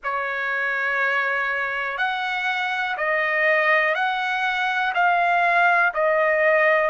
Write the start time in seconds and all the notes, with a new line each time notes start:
0.03 C#5
1.97 F#5
2.97 D#5
3.94 F#5
4.94 F5
5.94 D#5